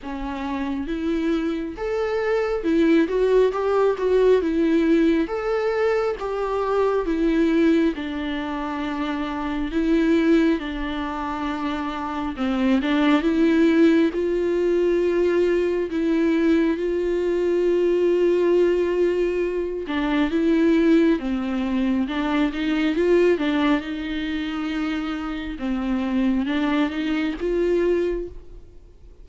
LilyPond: \new Staff \with { instrumentName = "viola" } { \time 4/4 \tempo 4 = 68 cis'4 e'4 a'4 e'8 fis'8 | g'8 fis'8 e'4 a'4 g'4 | e'4 d'2 e'4 | d'2 c'8 d'8 e'4 |
f'2 e'4 f'4~ | f'2~ f'8 d'8 e'4 | c'4 d'8 dis'8 f'8 d'8 dis'4~ | dis'4 c'4 d'8 dis'8 f'4 | }